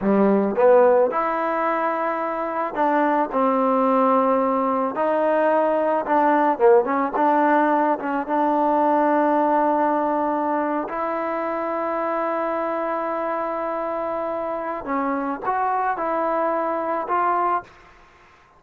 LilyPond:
\new Staff \with { instrumentName = "trombone" } { \time 4/4 \tempo 4 = 109 g4 b4 e'2~ | e'4 d'4 c'2~ | c'4 dis'2 d'4 | ais8 cis'8 d'4. cis'8 d'4~ |
d'2.~ d'8. e'16~ | e'1~ | e'2. cis'4 | fis'4 e'2 f'4 | }